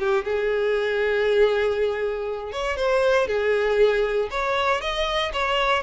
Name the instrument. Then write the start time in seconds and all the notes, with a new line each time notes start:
violin
0.00 G4
0.25 G#4
2.53 C#5
2.77 C5
3.28 G#4
4.31 C#5
4.82 D#5
5.33 C#5